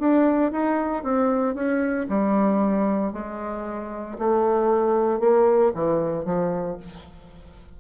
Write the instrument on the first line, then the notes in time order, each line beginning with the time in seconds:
bassoon
0.00 D4
0.52 D#4
1.03 C4
1.55 C#4
2.09 G3
3.13 G#3
4.19 A3
5.20 A#3
5.75 E3
6.25 F3